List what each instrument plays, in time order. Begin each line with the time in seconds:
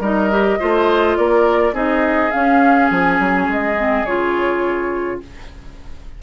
0.00 bassoon G3, clarinet D#4, oboe A#4, flute D#5
0.31 clarinet G4
0.59 bassoon A3, clarinet F4, oboe C5
1.17 bassoon A#3, oboe A#4, flute D5
1.73 bassoon C4, clarinet D#4, oboe G#4, flute D#5
2.31 clarinet C#4, bassoon C#4, flute F5
2.91 bassoon F3, flute G#5
3.20 bassoon F#3
3.47 bassoon G#3, flute D#5
3.77 clarinet C4
4.04 bassoon C#3, clarinet F4, flute C#5